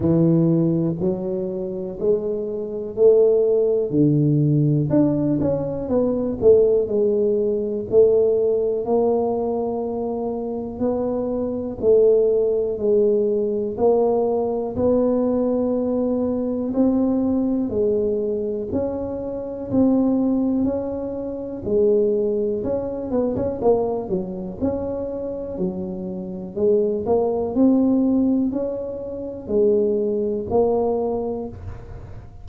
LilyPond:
\new Staff \with { instrumentName = "tuba" } { \time 4/4 \tempo 4 = 61 e4 fis4 gis4 a4 | d4 d'8 cis'8 b8 a8 gis4 | a4 ais2 b4 | a4 gis4 ais4 b4~ |
b4 c'4 gis4 cis'4 | c'4 cis'4 gis4 cis'8 b16 cis'16 | ais8 fis8 cis'4 fis4 gis8 ais8 | c'4 cis'4 gis4 ais4 | }